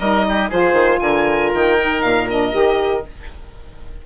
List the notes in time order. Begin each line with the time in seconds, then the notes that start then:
0.00 G3 D#4 A#4 D#5
0.29 G4
0.50 F3 F4 G#4 C5
0.73 D#3
1.00 D3 A#4 G#5
1.55 D#3 G5
1.79 D#4
2.02 A#2 F5
2.30 D4 D#5
2.52 D#3 G4